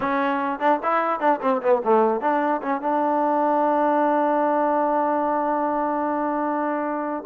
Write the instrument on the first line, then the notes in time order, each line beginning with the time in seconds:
trombone
0.00 C#4
0.59 D4
0.82 E4
1.20 D4
1.41 C4
1.62 B3
1.84 A3
2.20 D4
2.62 C#4
2.81 D4